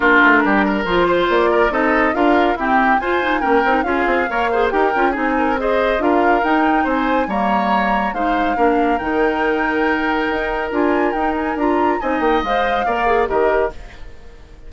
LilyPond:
<<
  \new Staff \with { instrumentName = "flute" } { \time 4/4 \tempo 4 = 140 ais'2 c''4 d''4 | dis''4 f''4 g''4 gis''4 | g''4 f''2 g''4 | gis''4 dis''4 f''4 g''4 |
gis''4 ais''2 f''4~ | f''4 g''2.~ | g''4 gis''4 g''8 gis''8 ais''4 | gis''8 g''8 f''2 dis''4 | }
  \new Staff \with { instrumentName = "oboe" } { \time 4/4 f'4 g'8 ais'4 c''4 ais'8 | a'4 ais'4 g'4 c''4 | ais'4 gis'4 cis''8 c''8 ais'4 | gis'8 ais'8 c''4 ais'2 |
c''4 cis''2 c''4 | ais'1~ | ais'1 | dis''2 d''4 ais'4 | }
  \new Staff \with { instrumentName = "clarinet" } { \time 4/4 d'2 f'2 | dis'4 f'4 c'4 f'8 dis'8 | cis'8 dis'8 f'4 ais'8 gis'8 g'8 f'8 | dis'4 gis'4 f'4 dis'4~ |
dis'4 ais2 dis'4 | d'4 dis'2.~ | dis'4 f'4 dis'4 f'4 | dis'4 c''4 ais'8 gis'8 g'4 | }
  \new Staff \with { instrumentName = "bassoon" } { \time 4/4 ais8 a8 g4 f4 ais4 | c'4 d'4 e'4 f'4 | ais8 c'8 cis'8 c'8 ais4 dis'8 cis'8 | c'2 d'4 dis'4 |
c'4 g2 gis4 | ais4 dis2. | dis'4 d'4 dis'4 d'4 | c'8 ais8 gis4 ais4 dis4 | }
>>